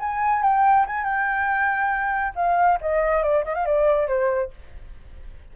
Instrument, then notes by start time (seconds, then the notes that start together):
flute
0.00 G#5
0.43 G5
0.87 G#5
1.04 G5
2.36 F5
2.82 D#5
3.23 D5
3.45 D#5
3.55 F5
3.66 D5
4.08 C5